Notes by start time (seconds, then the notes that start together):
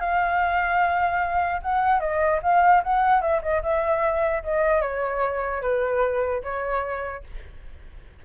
0.00 F5
1.62 F#5
2.00 D#5
2.43 F5
2.84 F#5
3.21 E5
3.42 D#5
3.63 E5
4.43 D#5
4.81 C#5
5.62 B4
6.43 C#5